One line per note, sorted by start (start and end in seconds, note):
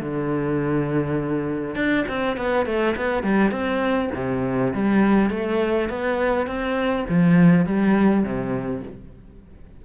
0.00 1.75 D3
1.75 2.05 D4
2.08 2.37 C4
2.37 2.66 B3
2.66 2.95 A3
2.96 3.23 B3
3.23 3.51 G3
3.51 4.10 C4
4.15 4.74 C3
4.74 5.30 G3
5.30 5.89 A3
5.89 6.47 B3
6.47 7.06 C4
7.09 7.66 F3
7.66 8.24 G3
8.24 8.82 C3